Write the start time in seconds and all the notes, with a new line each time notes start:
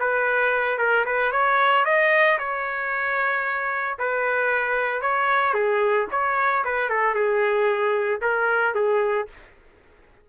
0.00 B4
0.78 A#4
1.06 B4
1.32 C#5
1.85 D#5
2.39 C#5
3.99 B4
5.02 C#5
5.54 G#4
6.11 C#5
6.65 B4
6.90 A4
7.15 G#4
8.22 A#4
8.75 G#4